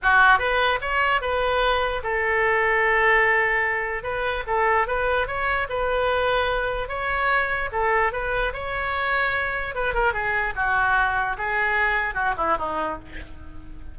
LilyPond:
\new Staff \with { instrumentName = "oboe" } { \time 4/4 \tempo 4 = 148 fis'4 b'4 cis''4 b'4~ | b'4 a'2.~ | a'2 b'4 a'4 | b'4 cis''4 b'2~ |
b'4 cis''2 a'4 | b'4 cis''2. | b'8 ais'8 gis'4 fis'2 | gis'2 fis'8 e'8 dis'4 | }